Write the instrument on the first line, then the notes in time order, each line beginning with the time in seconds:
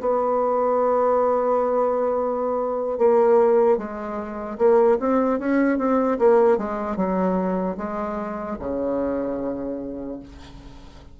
bassoon
0.00 B3
2.98 A#3
3.78 G#3
4.58 A#3
5.00 C4
5.39 C#4
5.78 C4
6.19 A#3
6.58 G#3
6.97 F#3
7.77 G#3
8.60 C#3